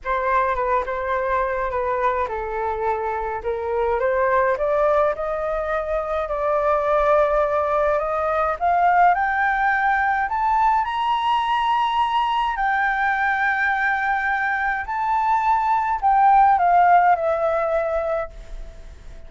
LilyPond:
\new Staff \with { instrumentName = "flute" } { \time 4/4 \tempo 4 = 105 c''4 b'8 c''4. b'4 | a'2 ais'4 c''4 | d''4 dis''2 d''4~ | d''2 dis''4 f''4 |
g''2 a''4 ais''4~ | ais''2 g''2~ | g''2 a''2 | g''4 f''4 e''2 | }